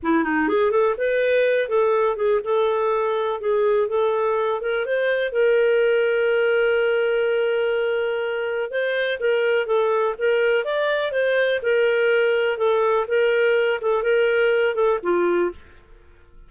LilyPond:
\new Staff \with { instrumentName = "clarinet" } { \time 4/4 \tempo 4 = 124 e'8 dis'8 gis'8 a'8 b'4. a'8~ | a'8 gis'8 a'2 gis'4 | a'4. ais'8 c''4 ais'4~ | ais'1~ |
ais'2 c''4 ais'4 | a'4 ais'4 d''4 c''4 | ais'2 a'4 ais'4~ | ais'8 a'8 ais'4. a'8 f'4 | }